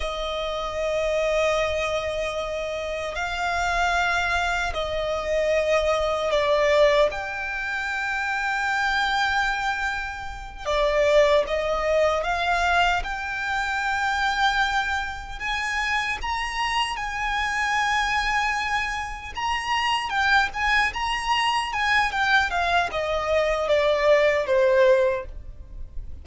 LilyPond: \new Staff \with { instrumentName = "violin" } { \time 4/4 \tempo 4 = 76 dis''1 | f''2 dis''2 | d''4 g''2.~ | g''4. d''4 dis''4 f''8~ |
f''8 g''2. gis''8~ | gis''8 ais''4 gis''2~ gis''8~ | gis''8 ais''4 g''8 gis''8 ais''4 gis''8 | g''8 f''8 dis''4 d''4 c''4 | }